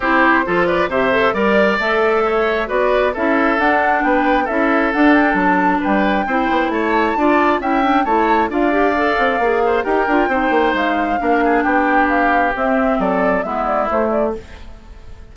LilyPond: <<
  \new Staff \with { instrumentName = "flute" } { \time 4/4 \tempo 4 = 134 c''4. d''8 e''4 d''4 | e''2 d''4 e''4 | fis''4 g''4 e''4 fis''8 g''8 | a''4 g''2 a''4~ |
a''4 g''4 a''4 f''4~ | f''2 g''2 | f''2 g''4 f''4 | e''4 d''4 e''8 d''8 c''8 d''8 | }
  \new Staff \with { instrumentName = "oboe" } { \time 4/4 g'4 a'8 b'8 c''4 d''4~ | d''4 cis''4 b'4 a'4~ | a'4 b'4 a'2~ | a'4 b'4 c''4 cis''4 |
d''4 e''4 cis''4 d''4~ | d''4. c''8 ais'4 c''4~ | c''4 ais'8 gis'8 g'2~ | g'4 a'4 e'2 | }
  \new Staff \with { instrumentName = "clarinet" } { \time 4/4 e'4 f'4 g'8 a'8 ais'4 | a'2 fis'4 e'4 | d'2 e'4 d'4~ | d'2 e'2 |
f'4 e'8 d'8 e'4 f'8 g'8 | a'4 gis'4 g'8 f'8 dis'4~ | dis'4 d'2. | c'2 b4 a4 | }
  \new Staff \with { instrumentName = "bassoon" } { \time 4/4 c'4 f4 c4 g4 | a2 b4 cis'4 | d'4 b4 cis'4 d'4 | fis4 g4 c'8 b8 a4 |
d'4 cis'4 a4 d'4~ | d'8 c'8 ais4 dis'8 d'8 c'8 ais8 | gis4 ais4 b2 | c'4 fis4 gis4 a4 | }
>>